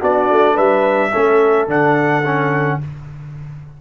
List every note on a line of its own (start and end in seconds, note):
0.00 0.30 B3
0.00 1.11 D4
0.00 0.54 F#4
0.00 0.57 D5
0.30 0.58 A3
0.54 1.13 G3
0.54 1.10 B4
0.54 1.68 E5
1.12 1.67 A3
1.12 1.67 C#4
1.12 2.79 A4
1.67 2.78 D3
1.67 2.23 D4
1.67 2.81 F#5
2.25 2.81 C#4